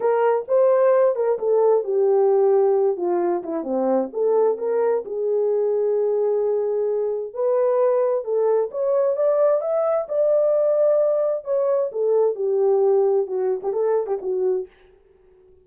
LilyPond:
\new Staff \with { instrumentName = "horn" } { \time 4/4 \tempo 4 = 131 ais'4 c''4. ais'8 a'4 | g'2~ g'8 f'4 e'8 | c'4 a'4 ais'4 gis'4~ | gis'1 |
b'2 a'4 cis''4 | d''4 e''4 d''2~ | d''4 cis''4 a'4 g'4~ | g'4 fis'8. g'16 a'8. g'16 fis'4 | }